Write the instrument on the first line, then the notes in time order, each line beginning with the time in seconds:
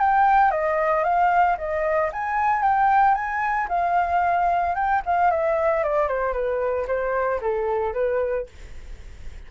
flute
0.00 G5
0.51 D#5
1.04 F5
1.58 D#5
2.13 G#5
2.63 G5
3.15 G#5
3.69 F5
4.75 G5
5.06 F5
5.31 E5
5.84 D5
6.08 C5
6.34 B4
6.88 C5
7.41 A4
7.94 B4